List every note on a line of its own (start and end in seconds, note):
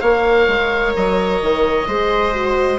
0.00 0.48 A#3
0.00 1.88 A#4
0.00 1.86 C#5
0.00 0.92 F5
0.48 0.94 G#3
0.96 1.42 F#3
0.96 2.78 D#5
1.42 1.87 D#3
1.87 2.78 G#3
1.87 2.32 G#4
1.87 2.78 C5
2.32 2.78 F#4